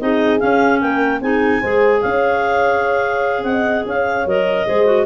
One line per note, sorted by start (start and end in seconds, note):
0.00 0.42 C4
0.00 0.40 D#4
0.00 0.83 G#4
0.00 0.40 D#5
0.40 1.21 C#4
0.40 0.82 C#4
0.40 0.80 F5
0.81 1.21 A#3
0.81 1.22 A#4
0.81 1.21 G5
1.21 1.62 C4
1.21 1.62 D#4
1.21 1.60 G#4
1.21 2.02 G#5
1.60 2.04 G#3
1.60 4.27 G#4
1.60 2.01 C5
2.02 3.44 C#4
2.02 3.44 C#5
2.02 3.43 F5
3.43 3.84 C4
3.43 3.87 D#5
3.43 3.84 F#5
3.86 4.26 C#4
3.86 4.67 C#5
3.86 4.28 F5
4.26 4.66 F#3
4.26 4.67 A#4
4.26 5.06 D#5
4.67 5.06 G#3
4.67 4.86 G#4
4.67 5.06 C5
4.86 5.06 F#4